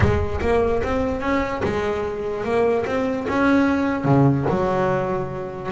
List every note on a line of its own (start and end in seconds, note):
0.00 0.40 G#3
0.41 0.82 A#3
0.83 1.21 C4
1.21 1.61 C#4
1.63 2.44 G#3
2.44 2.85 A#3
2.86 3.27 C4
3.28 4.04 C#4
4.04 4.45 C#3
4.49 5.71 F#3